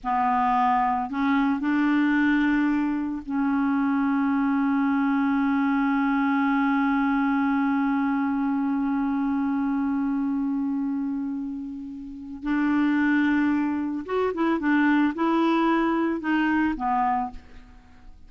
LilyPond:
\new Staff \with { instrumentName = "clarinet" } { \time 4/4 \tempo 4 = 111 b2 cis'4 d'4~ | d'2 cis'2~ | cis'1~ | cis'1~ |
cis'1~ | cis'2. d'4~ | d'2 fis'8 e'8 d'4 | e'2 dis'4 b4 | }